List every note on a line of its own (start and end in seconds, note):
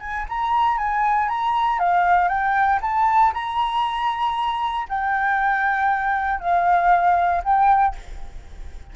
0.00 0.26 G#5
0.29 0.78 A#5
0.78 1.29 G#5
1.29 1.79 A#5
1.79 2.28 F5
2.28 2.80 G5
2.82 3.33 A5
3.34 4.88 A#5
4.89 6.40 G5
6.40 7.43 F5
7.44 7.96 G5